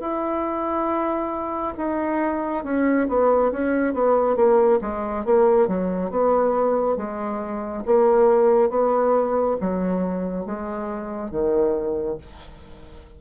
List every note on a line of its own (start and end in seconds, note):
0.00 1.74 E4
1.78 2.64 D#4
2.64 3.08 C#4
3.09 3.52 B3
3.52 3.94 C#4
3.94 4.36 B3
4.36 4.80 A#3
4.82 5.25 G#3
5.25 5.68 A#3
5.68 6.11 F#3
6.11 6.97 B3
6.97 7.84 G#3
7.86 8.70 A#3
8.70 9.57 B3
9.61 10.46 F#3
10.46 11.31 G#3
11.31 12.18 D#3